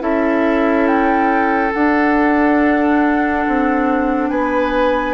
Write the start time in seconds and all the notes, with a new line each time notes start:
0.00 C#4 E4 A4 E5
0.87 G5
1.73 D4 F#5
3.47 C4
4.30 B3 B4 G#5